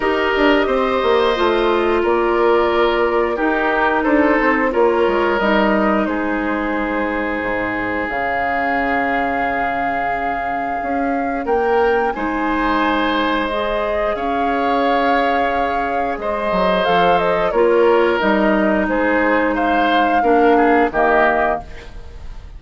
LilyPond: <<
  \new Staff \with { instrumentName = "flute" } { \time 4/4 \tempo 4 = 89 dis''2. d''4~ | d''4 ais'4 c''4 cis''4 | dis''4 c''2. | f''1~ |
f''4 g''4 gis''2 | dis''4 f''2. | dis''4 f''8 dis''8 cis''4 dis''4 | c''4 f''2 dis''4 | }
  \new Staff \with { instrumentName = "oboe" } { \time 4/4 ais'4 c''2 ais'4~ | ais'4 g'4 a'4 ais'4~ | ais'4 gis'2.~ | gis'1~ |
gis'4 ais'4 c''2~ | c''4 cis''2. | c''2 ais'2 | gis'4 c''4 ais'8 gis'8 g'4 | }
  \new Staff \with { instrumentName = "clarinet" } { \time 4/4 g'2 f'2~ | f'4 dis'2 f'4 | dis'1 | cis'1~ |
cis'2 dis'2 | gis'1~ | gis'4 a'4 f'4 dis'4~ | dis'2 d'4 ais4 | }
  \new Staff \with { instrumentName = "bassoon" } { \time 4/4 dis'8 d'8 c'8 ais8 a4 ais4~ | ais4 dis'4 d'8 c'8 ais8 gis8 | g4 gis2 gis,4 | cis1 |
cis'4 ais4 gis2~ | gis4 cis'2. | gis8 fis8 f4 ais4 g4 | gis2 ais4 dis4 | }
>>